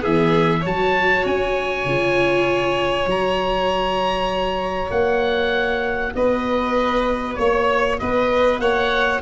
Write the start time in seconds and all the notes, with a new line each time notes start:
0.00 E3 B3 G#4 E5
0.61 F#3 F#4 C#5 A5
1.26 C#4 G#5
1.85 C#3 F4
3.06 F#3 F#4 A#5
4.90 A#3 F#5
6.15 B3 B4 D#5
7.35 A#3 C#5
7.99 B3 B4 D#5
8.59 A#3 C#5 F#5